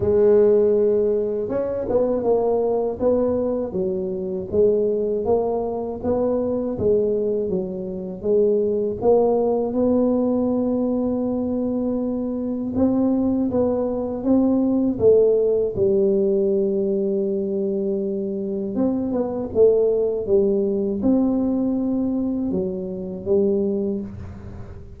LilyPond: \new Staff \with { instrumentName = "tuba" } { \time 4/4 \tempo 4 = 80 gis2 cis'8 b8 ais4 | b4 fis4 gis4 ais4 | b4 gis4 fis4 gis4 | ais4 b2.~ |
b4 c'4 b4 c'4 | a4 g2.~ | g4 c'8 b8 a4 g4 | c'2 fis4 g4 | }